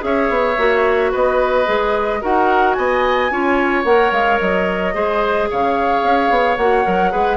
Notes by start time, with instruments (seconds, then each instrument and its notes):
0.00 bassoon C#4, clarinet G#4, oboe C#5, flute E5
0.30 bassoon B3
0.58 bassoon A#3, clarinet F#4
1.11 bassoon B3, oboe B4, flute D#5
1.66 bassoon G#3, clarinet G#4
2.22 bassoon D#4, clarinet F#4, oboe A#4, flute F#5
2.74 bassoon B3, oboe D#5, flute G#5
3.31 bassoon C#4, clarinet F4, oboe C#5
3.84 bassoon A#3, clarinet A#4, flute F#5
4.12 bassoon G#3, flute F5
4.40 bassoon F#3, flute D#5
4.94 bassoon G#3, clarinet G#4, oboe C5
5.50 bassoon C#3, oboe C#5, flute F5
6.03 bassoon C#4
6.30 bassoon B3
6.57 bassoon A#3, clarinet F#4, flute F#5
6.84 bassoon F#3, clarinet A#4
7.11 bassoon G#3, clarinet G#4, oboe B4